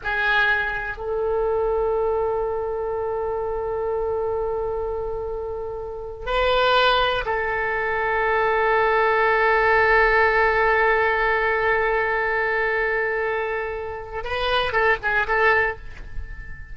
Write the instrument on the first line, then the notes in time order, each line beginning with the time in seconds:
oboe
0.03 G#4
0.97 A4
6.26 B4
7.25 A4
14.24 B4
14.72 A4
15.02 G#4
15.27 A4